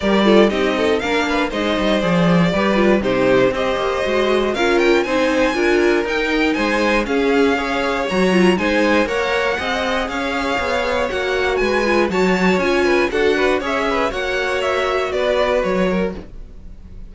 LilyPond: <<
  \new Staff \with { instrumentName = "violin" } { \time 4/4 \tempo 4 = 119 d''4 dis''4 f''4 dis''4 | d''2 c''4 dis''4~ | dis''4 f''8 g''8 gis''2 | g''4 gis''4 f''2 |
ais''4 gis''4 fis''2 | f''2 fis''4 gis''4 | a''4 gis''4 fis''4 e''4 | fis''4 e''4 d''4 cis''4 | }
  \new Staff \with { instrumentName = "violin" } { \time 4/4 ais'8 a'8 g'8 a'8 ais'8 b'8 c''4~ | c''4 b'4 g'4 c''4~ | c''4 ais'4 c''4 ais'4~ | ais'4 c''4 gis'4 cis''4~ |
cis''4 c''4 cis''4 dis''4 | cis''2. b'4 | cis''4. b'8 a'8 b'8 cis''8 b'8 | cis''2 b'4. ais'8 | }
  \new Staff \with { instrumentName = "viola" } { \time 4/4 g'8 f'8 dis'4 d'4 dis'4 | gis'4 g'8 f'8 dis'4 g'4 | fis'4 f'4 dis'4 f'4 | dis'2 cis'4 gis'4 |
fis'8 f'8 dis'4 ais'4 gis'4~ | gis'2 fis'4. f'8 | fis'4 f'4 fis'4 gis'4 | fis'1 | }
  \new Staff \with { instrumentName = "cello" } { \time 4/4 g4 c'4 ais4 gis8 g8 | f4 g4 c4 c'8 ais8 | gis4 cis'4 c'4 d'4 | dis'4 gis4 cis'2 |
fis4 gis4 ais4 c'4 | cis'4 b4 ais4 gis4 | fis4 cis'4 d'4 cis'4 | ais2 b4 fis4 | }
>>